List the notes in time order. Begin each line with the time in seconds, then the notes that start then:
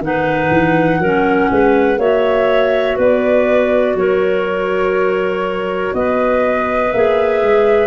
0.00 D#3 D#4 B4 F#5
0.51 E3
0.99 F#3 C#4 A#4
1.51 G#3 B4
1.97 A#3 F#4 C#5 E5
2.97 B3 B4 D5
3.95 F#3 A#4 C#5
5.94 B3 B4 D#5
6.92 A#3 G#4 E5
7.43 G#3